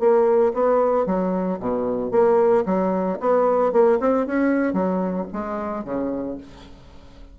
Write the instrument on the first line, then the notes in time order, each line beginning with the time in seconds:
bassoon
0.00 A#3
0.54 B3
1.06 F#3
1.60 B2
2.12 A#3
2.66 F#3
3.20 B3
3.73 A#3
4.00 C4
4.27 C#4
4.74 F#3
5.33 G#3
5.85 C#3